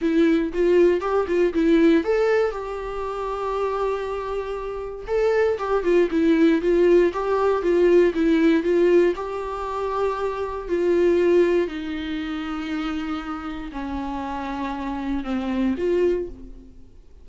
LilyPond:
\new Staff \with { instrumentName = "viola" } { \time 4/4 \tempo 4 = 118 e'4 f'4 g'8 f'8 e'4 | a'4 g'2.~ | g'2 a'4 g'8 f'8 | e'4 f'4 g'4 f'4 |
e'4 f'4 g'2~ | g'4 f'2 dis'4~ | dis'2. cis'4~ | cis'2 c'4 f'4 | }